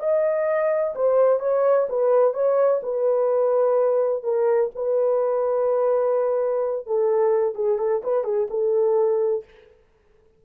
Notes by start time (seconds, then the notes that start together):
0.00 D#5
0.96 C5
1.40 C#5
1.90 B4
2.34 C#5
2.83 B4
4.24 A#4
4.76 B4
6.87 A4
7.55 G#4
7.79 A4
8.04 B4
8.25 G#4
8.50 A4